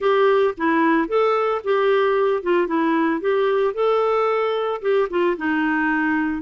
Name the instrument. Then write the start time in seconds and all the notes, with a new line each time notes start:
clarinet
0.00 G4
0.57 E4
1.07 A4
1.64 G4
2.42 F4
2.67 E4
3.20 G4
3.74 A4
4.81 G4
5.10 F4
5.37 D#4